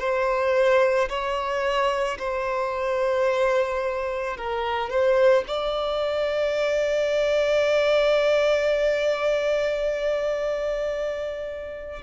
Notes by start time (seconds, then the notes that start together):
0.00 C5
1.09 C#5
2.19 C5
4.37 A#4
4.90 C5
5.48 D5